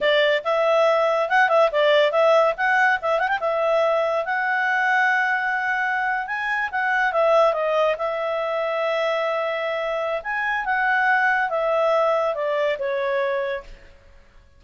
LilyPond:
\new Staff \with { instrumentName = "clarinet" } { \time 4/4 \tempo 4 = 141 d''4 e''2 fis''8 e''8 | d''4 e''4 fis''4 e''8 fis''16 g''16 | e''2 fis''2~ | fis''2~ fis''8. gis''4 fis''16~ |
fis''8. e''4 dis''4 e''4~ e''16~ | e''1 | gis''4 fis''2 e''4~ | e''4 d''4 cis''2 | }